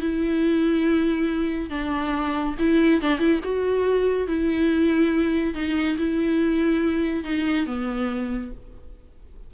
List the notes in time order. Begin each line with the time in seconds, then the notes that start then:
0.00 E4
1.70 D4
2.59 E4
3.01 D4
3.19 E4
3.44 F#4
4.27 E4
5.54 D#4
5.98 E4
7.24 D#4
7.66 B3